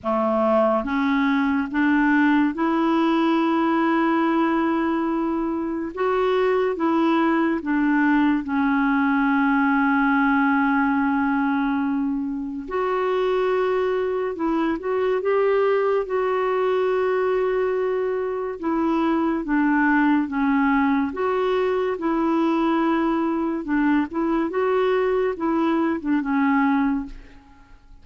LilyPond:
\new Staff \with { instrumentName = "clarinet" } { \time 4/4 \tempo 4 = 71 a4 cis'4 d'4 e'4~ | e'2. fis'4 | e'4 d'4 cis'2~ | cis'2. fis'4~ |
fis'4 e'8 fis'8 g'4 fis'4~ | fis'2 e'4 d'4 | cis'4 fis'4 e'2 | d'8 e'8 fis'4 e'8. d'16 cis'4 | }